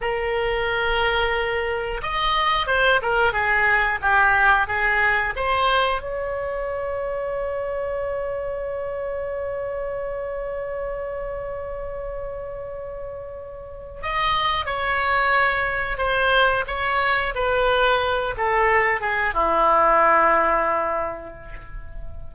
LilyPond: \new Staff \with { instrumentName = "oboe" } { \time 4/4 \tempo 4 = 90 ais'2. dis''4 | c''8 ais'8 gis'4 g'4 gis'4 | c''4 cis''2.~ | cis''1~ |
cis''1~ | cis''4 dis''4 cis''2 | c''4 cis''4 b'4. a'8~ | a'8 gis'8 e'2. | }